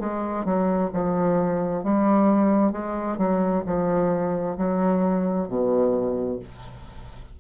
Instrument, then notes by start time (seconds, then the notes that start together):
bassoon
0.00 G#3
0.45 F#3
0.93 F3
1.84 G3
2.72 G#3
3.18 F#3
3.66 F3
4.57 F#3
5.48 B2